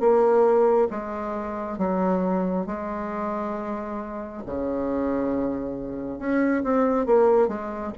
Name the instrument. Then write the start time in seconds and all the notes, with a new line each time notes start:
bassoon
0.00 A#3
0.90 G#3
1.78 F#3
2.66 G#3
4.46 C#3
6.19 C#4
6.64 C4
7.06 A#3
7.48 G#3